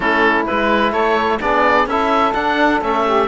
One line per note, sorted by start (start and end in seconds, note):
0.00 0.44 A3
0.00 0.47 C#4
0.00 0.91 E4
0.00 0.44 A4
0.46 0.92 G#3
0.46 1.40 E4
0.46 0.92 B4
0.91 1.39 A3
0.91 1.38 A4
0.91 1.39 C#5
1.40 1.86 B3
1.40 1.87 D4
1.40 1.88 G#4
1.40 1.88 D5
1.86 2.33 C#4
1.86 2.34 E4
1.86 3.04 A4
1.86 2.33 E5
2.33 2.81 D4
2.33 2.80 F#5
2.81 3.28 A3
2.81 3.28 C#4
2.81 3.28 E5
3.04 3.28 G4